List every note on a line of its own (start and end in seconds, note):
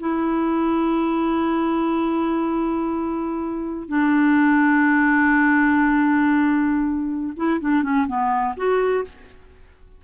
0.00 3.89 E4
3.89 7.34 D4
7.37 7.61 E4
7.61 7.83 D4
7.83 8.07 C#4
8.08 8.55 B3
8.57 9.05 F#4